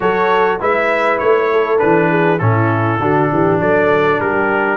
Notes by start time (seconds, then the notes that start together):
0.00 F#3 F#4 A4 C#5
0.60 G#3 E4 B4 E5
1.18 A3 C#5
1.51 A4
1.78 E3 D4 B4
2.09 G#4
2.38 A2 C#4 E4 A4
2.99 D3 D4 F#4
3.31 E3 G4
3.60 F#3 A4 D5
4.20 G3 G4 A#4